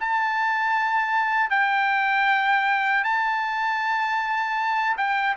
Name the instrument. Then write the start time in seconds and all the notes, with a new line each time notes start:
trumpet
0.00 A5
1.50 G5
3.04 A5
4.97 G5